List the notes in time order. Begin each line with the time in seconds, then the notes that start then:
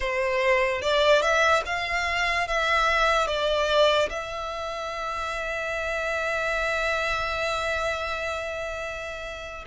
0.00 C5
0.81 D5
1.21 E5
1.65 F5
2.47 E5
3.27 D5
4.09 E5